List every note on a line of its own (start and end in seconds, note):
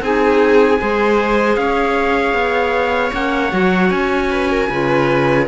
0.00 0.78 C4
0.00 0.79 D#4
0.00 0.80 G#4
0.00 1.56 G#5
0.79 1.56 G#3
0.79 3.11 G#4
0.79 1.59 C5
1.56 2.33 C#4
1.56 4.31 C#5
1.56 3.12 F5
2.33 3.11 B3
3.11 3.52 A#3
3.11 3.50 C#4
3.11 3.90 F#5
3.51 3.90 F#3
3.51 4.68 F#4
3.90 4.68 C#4
3.90 5.46 G#5
4.31 4.50 B4
4.50 4.70 A#4
4.69 5.47 C#3
4.69 5.47 F4
4.69 5.47 B4